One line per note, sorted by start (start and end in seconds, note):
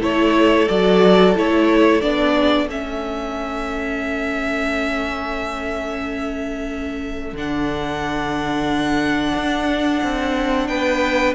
0.00 0.67 A3
0.00 0.67 E4
0.00 2.33 A4
0.00 0.68 C#5
0.68 1.36 F#3
0.68 1.35 F#4
0.68 1.35 D5
1.35 2.02 A3
1.35 2.01 E4
1.35 2.01 C#5
2.01 2.68 B3
2.01 2.67 D4
2.01 2.67 D5
2.33 2.66 G#4
2.66 7.33 A3
2.66 7.35 C#4
2.66 10.66 A4
2.66 7.37 E5
7.33 9.33 D3
7.33 11.34 D4
7.33 10.67 F#5
9.34 10.00 D4
10.03 10.68 C4
10.67 11.34 B3
10.67 11.34 B4
10.67 11.34 G5